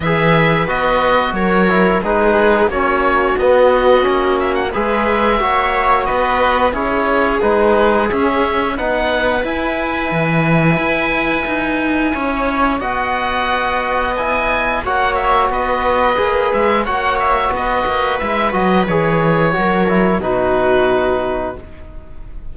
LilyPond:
<<
  \new Staff \with { instrumentName = "oboe" } { \time 4/4 \tempo 4 = 89 e''4 dis''4 cis''4 b'4 | cis''4 dis''4. e''16 fis''16 e''4~ | e''4 dis''4 cis''4 b'4 | e''4 fis''4 gis''2~ |
gis''2. fis''4~ | fis''4 gis''4 fis''8 e''8 dis''4~ | dis''8 e''8 fis''8 e''8 dis''4 e''8 dis''8 | cis''2 b'2 | }
  \new Staff \with { instrumentName = "viola" } { \time 4/4 b'2 ais'4 gis'4 | fis'2. b'4 | cis''4 b'4 gis'2~ | gis'4 b'2.~ |
b'2 cis''4 dis''4~ | dis''2 cis''4 b'4~ | b'4 cis''4 b'2~ | b'4 ais'4 fis'2 | }
  \new Staff \with { instrumentName = "trombone" } { \time 4/4 gis'4 fis'4. e'8 dis'4 | cis'4 b4 cis'4 gis'4 | fis'2 e'4 dis'4 | cis'4 dis'4 e'2~ |
e'2. fis'4~ | fis'4 e'4 fis'2 | gis'4 fis'2 e'8 fis'8 | gis'4 fis'8 e'8 dis'2 | }
  \new Staff \with { instrumentName = "cello" } { \time 4/4 e4 b4 fis4 gis4 | ais4 b4 ais4 gis4 | ais4 b4 cis'4 gis4 | cis'4 b4 e'4 e4 |
e'4 dis'4 cis'4 b4~ | b2 ais4 b4 | ais8 gis8 ais4 b8 ais8 gis8 fis8 | e4 fis4 b,2 | }
>>